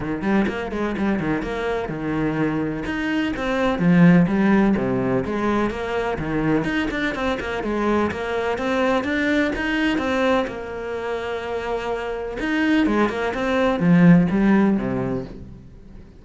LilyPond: \new Staff \with { instrumentName = "cello" } { \time 4/4 \tempo 4 = 126 dis8 g8 ais8 gis8 g8 dis8 ais4 | dis2 dis'4 c'4 | f4 g4 c4 gis4 | ais4 dis4 dis'8 d'8 c'8 ais8 |
gis4 ais4 c'4 d'4 | dis'4 c'4 ais2~ | ais2 dis'4 gis8 ais8 | c'4 f4 g4 c4 | }